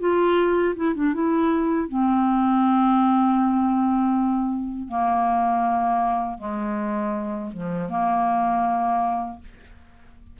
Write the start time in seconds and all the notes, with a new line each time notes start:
0.00 F4
0.76 E4
0.95 D4
1.14 E4
1.89 C4
4.89 A#3
6.38 G#3
7.53 F3
7.90 A#3